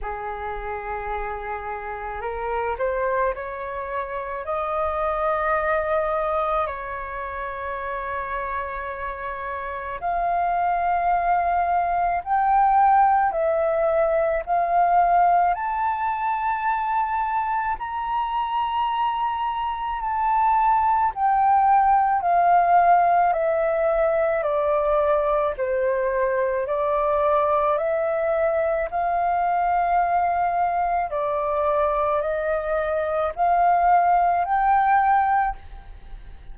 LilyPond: \new Staff \with { instrumentName = "flute" } { \time 4/4 \tempo 4 = 54 gis'2 ais'8 c''8 cis''4 | dis''2 cis''2~ | cis''4 f''2 g''4 | e''4 f''4 a''2 |
ais''2 a''4 g''4 | f''4 e''4 d''4 c''4 | d''4 e''4 f''2 | d''4 dis''4 f''4 g''4 | }